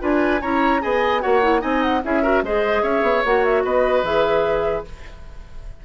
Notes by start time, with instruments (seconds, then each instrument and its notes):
0.00 bassoon D4, clarinet F4, oboe B4, flute G#5
0.42 bassoon C#4, clarinet E4, oboe C#5, flute A#5
0.81 bassoon B3, clarinet G#4, oboe D#5, flute G#5
1.21 bassoon A#3, clarinet F#4, oboe C#5, flute F#5
1.43 clarinet E4
1.60 bassoon C4, clarinet D#4, oboe D#5, flute G#5
1.83 flute F#5
2.04 bassoon C#4, clarinet E4, oboe G#4, flute E5
2.23 clarinet F#4, oboe A#4
2.43 bassoon G#3, clarinet G#4, oboe C5, flute D#5
2.83 bassoon C#4, oboe C#5, flute E5
3.03 bassoon B3
3.25 bassoon A#3, clarinet F#4, flute F#5
3.45 flute E5
3.65 bassoon B3, oboe B4, flute D#5
4.03 bassoon E3, clarinet G#4, flute E5